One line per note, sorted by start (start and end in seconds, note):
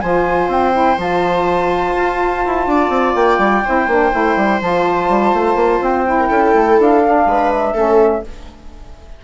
0.00 0.47 F3
0.00 0.72 F4
0.00 2.68 C5
0.00 0.48 G#5
0.47 0.96 C4
0.47 0.99 G5
0.72 0.96 E4
0.97 1.94 F3
0.97 3.63 F4
0.97 3.15 A5
1.96 2.44 F4
2.45 2.66 E4
2.66 2.89 D4
2.66 3.64 D5
2.89 3.13 C4
3.15 3.38 A#3
3.15 4.60 G5
3.38 3.62 G3
3.64 3.87 C4
3.64 3.89 E4
3.64 6.18 C5
3.87 4.11 A#3
3.87 4.11 D4
4.11 4.36 A3
4.11 4.60 E4
4.36 4.60 G3
4.61 5.09 F3
4.61 6.05 F4
4.61 5.83 A5
5.09 5.33 G3
5.33 5.55 A3
5.55 5.79 A#3
5.80 6.29 C4
5.80 6.80 G5
6.05 7.02 E4
6.19 6.28 A#4
6.28 6.54 C#4
6.28 7.25 A4
6.54 6.78 A3
6.78 7.26 D4
6.78 7.51 F5
7.04 7.75 D4
7.26 7.74 G#3
7.26 7.73 B4
7.51 8.24 E5
7.73 8.22 A3
7.73 8.23 C#4
7.73 8.21 A4